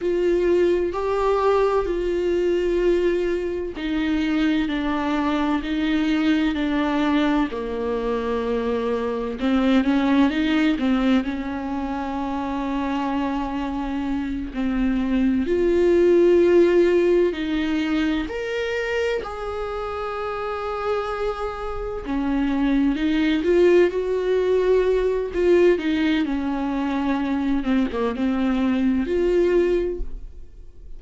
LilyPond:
\new Staff \with { instrumentName = "viola" } { \time 4/4 \tempo 4 = 64 f'4 g'4 f'2 | dis'4 d'4 dis'4 d'4 | ais2 c'8 cis'8 dis'8 c'8 | cis'2.~ cis'8 c'8~ |
c'8 f'2 dis'4 ais'8~ | ais'8 gis'2. cis'8~ | cis'8 dis'8 f'8 fis'4. f'8 dis'8 | cis'4. c'16 ais16 c'4 f'4 | }